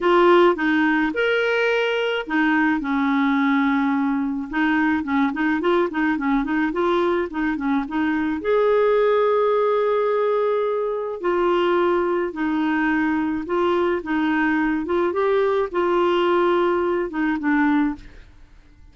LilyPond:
\new Staff \with { instrumentName = "clarinet" } { \time 4/4 \tempo 4 = 107 f'4 dis'4 ais'2 | dis'4 cis'2. | dis'4 cis'8 dis'8 f'8 dis'8 cis'8 dis'8 | f'4 dis'8 cis'8 dis'4 gis'4~ |
gis'1 | f'2 dis'2 | f'4 dis'4. f'8 g'4 | f'2~ f'8 dis'8 d'4 | }